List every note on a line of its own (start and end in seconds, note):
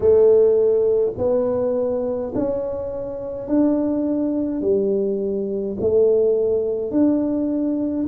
0.00 1.12 A3
1.17 2.32 B3
2.34 3.47 C#4
3.47 4.61 D4
4.61 5.76 G3
5.80 6.91 A3
6.91 8.06 D4